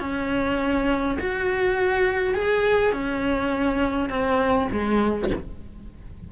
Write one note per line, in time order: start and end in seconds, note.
0.00 1.18 C#4
1.19 2.35 F#4
2.35 2.93 G#4
2.93 4.09 C#4
4.09 4.68 C4
4.71 5.30 G#3